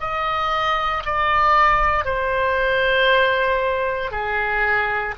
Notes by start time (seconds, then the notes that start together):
0.00 D#5
1.05 D5
2.05 C5
4.11 G#4